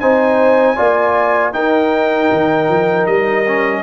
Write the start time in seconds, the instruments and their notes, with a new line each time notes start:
0.00 tuba C4, trombone D#4, horn C5, trumpet G#5
0.77 tuba A#3, trombone F4, horn D5
1.53 trombone D#4, tuba D#4, horn A#4, trumpet G5
2.32 tuba D#3
2.69 tuba F3
3.07 tuba G3, trumpet D#5
3.47 trombone C#4